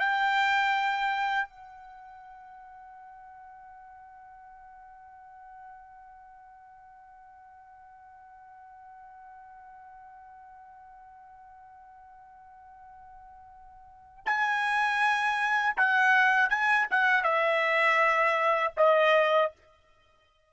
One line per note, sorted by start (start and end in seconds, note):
0.00 1.50 G5
1.50 14.25 F#5
14.26 15.76 G#5
15.77 16.50 F#5
16.50 16.87 G#5
16.91 17.24 F#5
17.24 18.74 E5
18.77 19.52 D#5